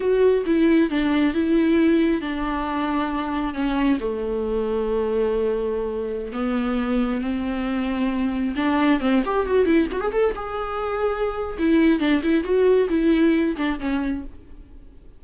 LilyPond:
\new Staff \with { instrumentName = "viola" } { \time 4/4 \tempo 4 = 135 fis'4 e'4 d'4 e'4~ | e'4 d'2. | cis'4 a2.~ | a2~ a16 b4.~ b16~ |
b16 c'2. d'8.~ | d'16 c'8 g'8 fis'8 e'8 fis'16 gis'16 a'8 gis'8.~ | gis'2 e'4 d'8 e'8 | fis'4 e'4. d'8 cis'4 | }